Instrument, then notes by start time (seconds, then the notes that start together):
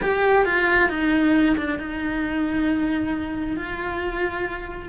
cello
0.01 G4
0.45 F4
0.89 D#4
1.57 D4
1.78 D#4
3.56 F4